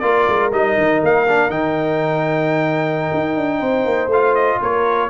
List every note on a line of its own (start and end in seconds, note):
0.00 0.27 A#3
0.00 0.52 F4
0.00 3.59 A#4
0.00 0.50 D5
0.28 0.52 G#3
0.52 0.77 G3
0.52 1.27 D#4
0.52 1.02 D#5
0.78 1.02 D#3
1.04 1.50 A#3
1.04 1.51 F5
1.28 1.51 D4
1.50 3.11 D#3
1.50 4.11 D#4
1.50 4.11 G5
3.14 3.36 D#4
3.36 3.61 D4
3.59 3.86 C4
3.59 4.58 C5
3.86 4.08 A#3
4.08 4.57 A3
4.08 5.10 F4
4.08 4.35 F5
4.35 4.60 D#5
4.61 5.10 A#3
4.61 5.10 A#4
4.61 5.10 C#5